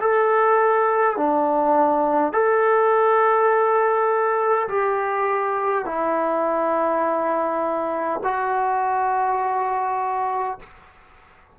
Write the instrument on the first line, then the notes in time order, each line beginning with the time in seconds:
trombone
0.00 A4
1.16 D4
2.33 A4
4.68 G4
5.85 E4
8.24 F#4